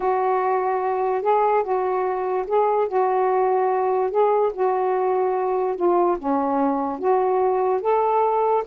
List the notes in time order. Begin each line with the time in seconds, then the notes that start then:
0.00 F#4
1.22 G#4
1.63 F#4
2.47 G#4
2.88 F#4
4.10 G#4
4.53 F#4
5.76 F4
6.18 C#4
6.99 F#4
7.81 A4